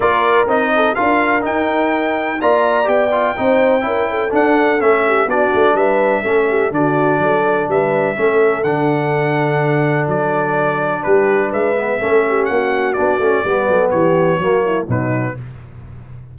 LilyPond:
<<
  \new Staff \with { instrumentName = "trumpet" } { \time 4/4 \tempo 4 = 125 d''4 dis''4 f''4 g''4~ | g''4 ais''4 g''2~ | g''4 fis''4 e''4 d''4 | e''2 d''2 |
e''2 fis''2~ | fis''4 d''2 b'4 | e''2 fis''4 d''4~ | d''4 cis''2 b'4 | }
  \new Staff \with { instrumentName = "horn" } { \time 4/4 ais'4. a'8 ais'2~ | ais'4 d''2 c''4 | ais'8 a'2 g'8 fis'4 | b'4 a'8 g'8 fis'4 a'4 |
b'4 a'2.~ | a'2. g'4 | b'4 a'8 g'8 fis'2 | b'8 a'8 g'4 fis'8 e'8 dis'4 | }
  \new Staff \with { instrumentName = "trombone" } { \time 4/4 f'4 dis'4 f'4 dis'4~ | dis'4 f'4 g'8 f'8 dis'4 | e'4 d'4 cis'4 d'4~ | d'4 cis'4 d'2~ |
d'4 cis'4 d'2~ | d'1~ | d'8 b8 cis'2 d'8 cis'8 | b2 ais4 fis4 | }
  \new Staff \with { instrumentName = "tuba" } { \time 4/4 ais4 c'4 d'4 dis'4~ | dis'4 ais4 b4 c'4 | cis'4 d'4 a4 b8 a8 | g4 a4 d4 fis4 |
g4 a4 d2~ | d4 fis2 g4 | gis4 a4 ais4 b8 a8 | g8 fis8 e4 fis4 b,4 | }
>>